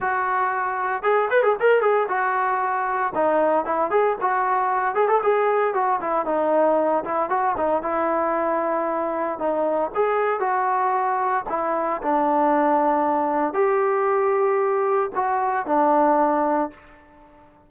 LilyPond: \new Staff \with { instrumentName = "trombone" } { \time 4/4 \tempo 4 = 115 fis'2 gis'8 b'16 gis'16 ais'8 gis'8 | fis'2 dis'4 e'8 gis'8 | fis'4. gis'16 a'16 gis'4 fis'8 e'8 | dis'4. e'8 fis'8 dis'8 e'4~ |
e'2 dis'4 gis'4 | fis'2 e'4 d'4~ | d'2 g'2~ | g'4 fis'4 d'2 | }